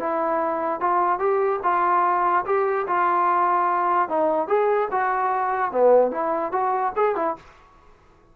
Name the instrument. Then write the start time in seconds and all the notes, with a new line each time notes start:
trombone
0.00 E4
0.81 F4
1.19 G4
1.63 F4
2.46 G4
2.88 F4
4.09 D#4
4.48 G#4
4.91 F#4
5.72 B3
6.11 E4
6.52 F#4
6.96 G#4
7.16 E4